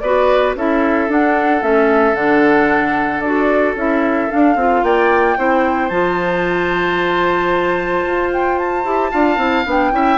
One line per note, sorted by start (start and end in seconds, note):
0.00 0.55 B3
0.00 0.57 F#4
0.00 0.57 B4
0.00 0.54 D5
0.55 1.09 C#4
0.55 1.09 E4
0.55 4.85 A4
0.55 1.11 E5
1.09 1.62 D4
1.09 1.61 D4
1.09 1.63 F#5
1.61 2.14 A3
1.61 2.15 C#4
1.61 2.15 E5
2.14 3.21 D3
2.14 3.23 D4
2.14 3.21 F#5
3.21 3.74 D4
3.21 3.77 F#4
3.21 3.74 D5
3.75 4.29 C#4
3.75 4.29 E4
3.75 4.31 E5
4.29 4.56 D4
4.29 4.84 F5
4.56 4.82 C4
4.56 5.37 F4
4.83 5.37 A#3
4.83 5.38 D5
4.83 5.89 G5
5.37 5.90 C4
5.37 5.91 E4
5.37 9.11 C5
5.89 8.04 F3
5.89 8.85 F4
5.89 8.30 A5
8.07 8.84 F4
8.33 8.58 G5
8.58 9.66 A5
8.84 9.11 E4
8.84 9.12 G4
9.11 9.37 D4
9.11 9.38 F4
9.11 9.92 F5
9.37 9.64 C4
9.37 9.64 E4
9.65 9.92 B3
9.65 9.92 D4
9.65 10.18 G5
9.92 10.18 C#4
9.92 10.18 E4
9.92 10.18 E5